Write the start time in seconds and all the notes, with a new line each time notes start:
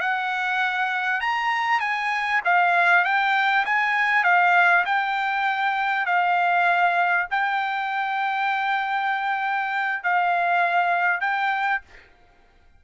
0.00 F#5
1.20 A#5
1.80 G#5
2.44 F5
3.04 G5
3.65 G#5
4.24 F5
4.85 G5
6.06 F5
7.31 G5
10.03 F5
11.21 G5